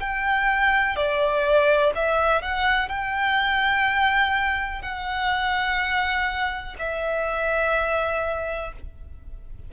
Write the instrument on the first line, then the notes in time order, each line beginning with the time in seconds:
violin
0.00 G5
0.96 D5
1.95 E5
2.42 F#5
2.89 G5
4.82 F#5
6.79 E5